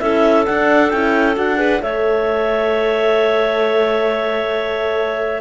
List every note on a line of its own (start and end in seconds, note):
0.00 0.47 C#4
0.00 0.46 E4
0.00 1.58 A4
0.00 0.45 E5
0.46 0.91 D4
0.46 0.93 D4
0.46 0.90 F#5
0.90 1.37 C#4
0.90 1.36 E4
0.90 1.35 G5
1.36 1.82 D4
1.36 1.57 F#4
1.36 1.82 F#5
1.57 1.79 G#4
1.57 1.81 B4
1.81 5.42 A3
1.81 5.42 A4
1.81 5.42 C#5
1.81 5.42 E5